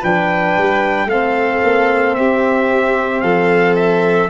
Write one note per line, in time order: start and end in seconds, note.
0.00 0.57 F3
0.00 1.09 D4
0.00 1.07 B4
0.00 1.10 G5
0.58 1.06 G3
1.06 1.60 A3
1.06 4.30 C4
1.06 2.17 A4
1.06 2.15 F5
1.63 2.17 A#3
2.15 3.23 C4
2.15 3.23 G4
2.15 3.21 E5
3.21 4.30 F3
3.21 4.30 A4
3.21 3.75 F5
3.76 4.30 E5